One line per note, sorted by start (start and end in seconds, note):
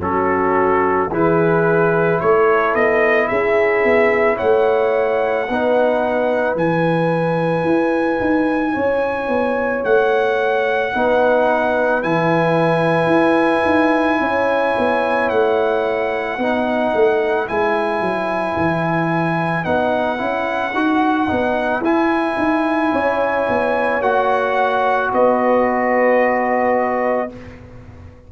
0.00 1.09 F#3
0.00 1.10 C#4
0.00 1.12 F#4
0.00 1.11 A4
1.10 2.19 E3
1.10 5.48 E4
1.10 2.21 G#4
1.10 2.20 B4
2.20 2.75 A3
2.20 3.28 A4
2.20 2.75 C#5
2.75 3.30 B3
2.75 3.28 D#5
3.28 3.84 C#4
3.28 4.36 G#4
3.28 4.37 E5
3.84 4.38 B3
4.36 5.49 A3
4.36 5.45 C#5
4.36 6.56 F#5
5.48 6.55 B3
5.48 6.57 D#4
5.48 8.73 B4
6.55 7.64 E3
6.55 10.93 E4
6.55 9.84 G#5
7.64 8.19 E4
8.20 8.75 D#4
8.73 9.28 C#4
8.73 10.91 C#5
9.28 9.83 B3
9.84 10.93 A3
9.84 12.03 F#5
10.93 12.04 B3
10.93 12.02 D#4
10.93 14.21 B4
12.02 13.07 E3
12.02 16.39 E4
12.02 15.29 G#5
13.07 13.61 E4
13.65 14.20 D#4
14.20 14.75 C#4
14.20 16.39 C#5
14.78 15.31 B3
15.29 16.38 A3
15.29 17.47 F#5
16.38 16.92 B3
16.38 17.48 D#4
16.38 22.93 B4
16.94 17.49 A3
17.48 18.01 G#3
17.48 19.65 E4
17.48 19.64 G#5
18.01 18.55 F#3
18.56 19.65 E3
19.64 20.20 B3
19.64 20.17 D#4
19.64 21.82 F#5
20.17 20.74 C#4
20.17 20.72 E4
20.74 21.28 D#4
20.74 21.28 F#4
21.28 21.80 B3
21.28 21.82 D#4
21.80 22.35 E4
21.80 24.02 E4
21.80 24.02 G#5
22.37 22.92 D#4
22.93 23.47 C#4
22.93 25.11 C#5
23.49 24.01 B3
24.01 25.10 A#3
24.01 27.29 F#4
24.01 25.11 F#5
25.11 27.30 B3
25.11 27.30 B4
25.11 27.32 D#5